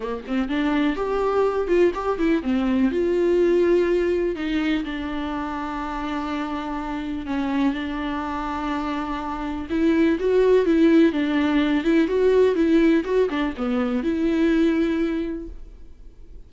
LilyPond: \new Staff \with { instrumentName = "viola" } { \time 4/4 \tempo 4 = 124 ais8 c'8 d'4 g'4. f'8 | g'8 e'8 c'4 f'2~ | f'4 dis'4 d'2~ | d'2. cis'4 |
d'1 | e'4 fis'4 e'4 d'4~ | d'8 e'8 fis'4 e'4 fis'8 d'8 | b4 e'2. | }